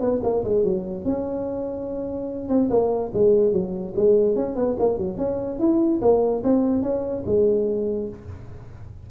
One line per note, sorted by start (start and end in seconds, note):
0.00 0.21 B3
0.23 0.43 A#3
0.44 0.64 G#3
0.64 1.05 F#3
1.05 2.48 C#4
2.48 2.69 C4
2.70 3.11 A#3
3.13 3.52 G#3
3.52 3.93 F#3
3.96 4.35 G#3
4.35 4.55 C#4
4.55 4.76 B3
4.79 4.97 A#3
4.97 5.17 F#3
5.17 5.59 C#4
5.59 6.00 E4
6.01 6.43 A#3
6.43 6.82 C4
6.82 7.23 C#4
7.25 8.08 G#3